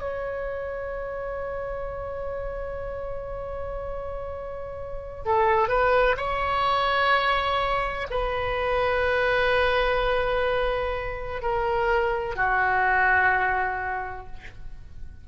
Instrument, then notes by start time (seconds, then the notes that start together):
oboe
0.00 C#5
5.25 A4
5.68 B4
6.16 C#5
8.10 B4
11.42 A#4
12.35 F#4